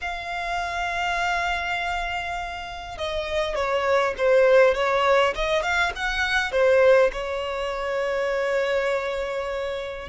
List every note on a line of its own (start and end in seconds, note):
0.01 2.97 F5
2.97 3.55 D#5
3.55 4.14 C#5
4.17 4.74 C5
4.74 5.33 C#5
5.35 5.62 D#5
5.62 5.92 F5
5.95 6.51 F#5
6.51 7.10 C5
7.12 10.08 C#5